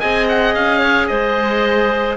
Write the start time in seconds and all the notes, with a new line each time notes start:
0.00 C4 G#4 D#5 G#5
0.29 F#5
0.55 C#4 F5
0.80 C#5
1.07 G#3 C5 D#5